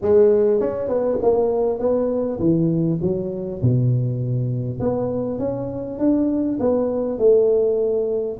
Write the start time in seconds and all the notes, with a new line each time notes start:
0.01 G#3
0.60 C#4
0.88 B3
1.22 A#3
1.79 B3
2.39 E3
3.01 F#3
3.62 B2
4.79 B3
5.38 C#4
5.98 D4
6.59 B3
7.18 A3